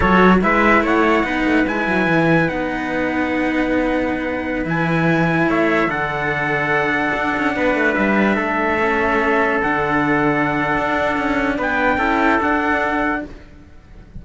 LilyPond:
<<
  \new Staff \with { instrumentName = "trumpet" } { \time 4/4 \tempo 4 = 145 cis''4 e''4 fis''2 | gis''2 fis''2~ | fis''2.~ fis''16 gis''8.~ | gis''4~ gis''16 e''4 fis''4.~ fis''16~ |
fis''2.~ fis''16 e''8.~ | e''2.~ e''16 fis''8.~ | fis''1 | g''2 fis''2 | }
  \new Staff \with { instrumentName = "trumpet" } { \time 4/4 a'4 b'4 cis''4 b'4~ | b'1~ | b'1~ | b'4~ b'16 cis''4 a'4.~ a'16~ |
a'2~ a'16 b'4.~ b'16~ | b'16 a'2.~ a'8.~ | a'1 | b'4 a'2. | }
  \new Staff \with { instrumentName = "cello" } { \time 4/4 fis'4 e'2 dis'4 | e'2 dis'2~ | dis'2.~ dis'16 e'8.~ | e'2~ e'16 d'4.~ d'16~ |
d'1~ | d'4~ d'16 cis'2 d'8.~ | d'1~ | d'4 e'4 d'2 | }
  \new Staff \with { instrumentName = "cello" } { \time 4/4 fis4 gis4 a4 b8 a8 | gis8 fis8 e4 b2~ | b2.~ b16 e8.~ | e4~ e16 a4 d4.~ d16~ |
d4~ d16 d'8 cis'8 b8 a8 g8.~ | g16 a2. d8.~ | d2 d'4 cis'4 | b4 cis'4 d'2 | }
>>